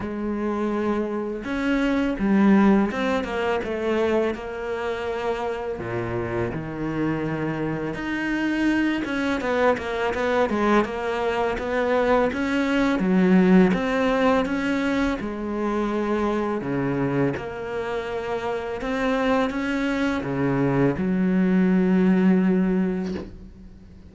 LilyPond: \new Staff \with { instrumentName = "cello" } { \time 4/4 \tempo 4 = 83 gis2 cis'4 g4 | c'8 ais8 a4 ais2 | ais,4 dis2 dis'4~ | dis'8 cis'8 b8 ais8 b8 gis8 ais4 |
b4 cis'4 fis4 c'4 | cis'4 gis2 cis4 | ais2 c'4 cis'4 | cis4 fis2. | }